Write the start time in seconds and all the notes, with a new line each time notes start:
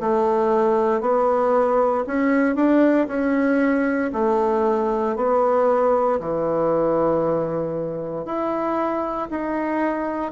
0.00 A3
1.01 B3
2.07 C#4
2.56 D4
3.08 C#4
4.13 A3
5.16 B3
6.20 E3
8.25 E4
9.31 D#4